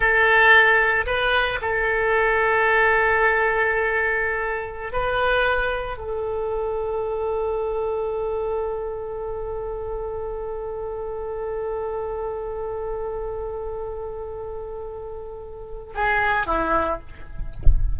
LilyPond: \new Staff \with { instrumentName = "oboe" } { \time 4/4 \tempo 4 = 113 a'2 b'4 a'4~ | a'1~ | a'4~ a'16 b'2 a'8.~ | a'1~ |
a'1~ | a'1~ | a'1~ | a'2 gis'4 e'4 | }